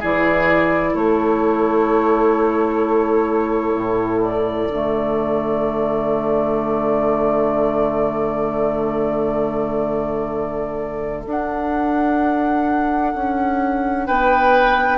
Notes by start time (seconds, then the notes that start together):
0.00 E3 E4 G#4 D5
0.94 A3 A4 C#5
3.75 A2
4.22 D5
4.69 D3 A3
11.27 D4 F#5
13.15 C#4
14.07 B3 B4 G5